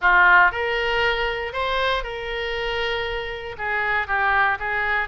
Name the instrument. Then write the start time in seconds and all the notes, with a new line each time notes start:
oboe
0.01 F4
0.51 A#4
1.53 C5
2.03 A#4
3.57 G#4
4.07 G4
4.59 G#4